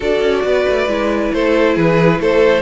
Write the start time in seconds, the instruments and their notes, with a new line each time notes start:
0.00 cello D4, viola F#4, violin A4 D5
0.21 cello C#4
0.44 cello B3, violin B4
0.68 cello A3
0.87 cello G#3, viola E4
1.32 cello A3, violin A4 C5
1.75 cello E3, violin G#4 B4
2.19 cello A3, violin A4 C5